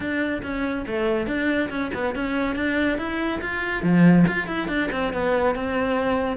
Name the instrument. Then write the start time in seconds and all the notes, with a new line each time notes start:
cello
0.00 D4
0.42 C#4
0.86 A3
1.27 D4
1.70 C#4
1.94 B3
2.15 C#4
2.55 D4
2.97 E4
3.41 F4
3.82 F3
4.27 F4
4.47 E4
4.68 D4
4.91 C4
5.13 B3
5.55 C4